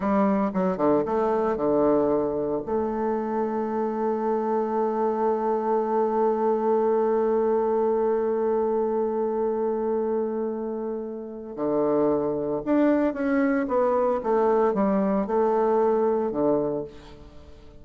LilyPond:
\new Staff \with { instrumentName = "bassoon" } { \time 4/4 \tempo 4 = 114 g4 fis8 d8 a4 d4~ | d4 a2.~ | a1~ | a1~ |
a1~ | a2 d2 | d'4 cis'4 b4 a4 | g4 a2 d4 | }